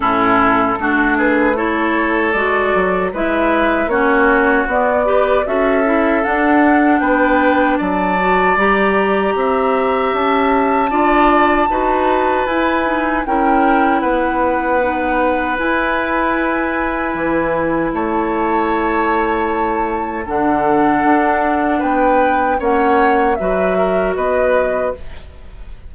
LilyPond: <<
  \new Staff \with { instrumentName = "flute" } { \time 4/4 \tempo 4 = 77 a'4. b'8 cis''4 d''4 | e''4 cis''4 d''4 e''4 | fis''4 g''4 a''4 ais''4~ | ais''4 a''2. |
gis''4 g''4 fis''2 | gis''2. a''4~ | a''2 fis''2 | g''4 fis''4 e''4 dis''4 | }
  \new Staff \with { instrumentName = "oboe" } { \time 4/4 e'4 fis'8 gis'8 a'2 | b'4 fis'4. b'8 a'4~ | a'4 b'4 d''2 | e''2 d''4 b'4~ |
b'4 ais'4 b'2~ | b'2. cis''4~ | cis''2 a'2 | b'4 cis''4 b'8 ais'8 b'4 | }
  \new Staff \with { instrumentName = "clarinet" } { \time 4/4 cis'4 d'4 e'4 fis'4 | e'4 cis'4 b8 g'8 fis'8 e'8 | d'2~ d'8 fis'8 g'4~ | g'2 f'4 fis'4 |
e'8 dis'8 e'2 dis'4 | e'1~ | e'2 d'2~ | d'4 cis'4 fis'2 | }
  \new Staff \with { instrumentName = "bassoon" } { \time 4/4 a,4 a2 gis8 fis8 | gis4 ais4 b4 cis'4 | d'4 b4 fis4 g4 | c'4 cis'4 d'4 dis'4 |
e'4 cis'4 b2 | e'2 e4 a4~ | a2 d4 d'4 | b4 ais4 fis4 b4 | }
>>